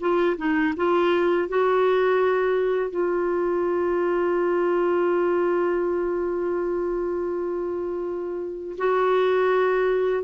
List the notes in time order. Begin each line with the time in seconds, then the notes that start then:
0.00 F4
0.38 D#4
0.76 F4
1.49 F#4
2.91 F4
8.78 F#4